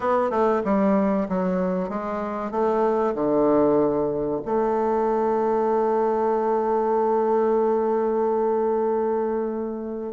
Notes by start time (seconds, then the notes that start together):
0.00 B3
0.30 A3
0.64 G3
1.29 F#3
1.89 G#3
2.51 A3
3.14 D3
4.45 A3